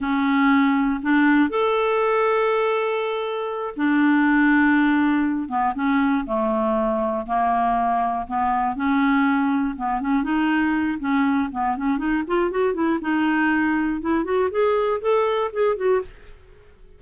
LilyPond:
\new Staff \with { instrumentName = "clarinet" } { \time 4/4 \tempo 4 = 120 cis'2 d'4 a'4~ | a'2.~ a'8 d'8~ | d'2. b8 cis'8~ | cis'8 a2 ais4.~ |
ais8 b4 cis'2 b8 | cis'8 dis'4. cis'4 b8 cis'8 | dis'8 f'8 fis'8 e'8 dis'2 | e'8 fis'8 gis'4 a'4 gis'8 fis'8 | }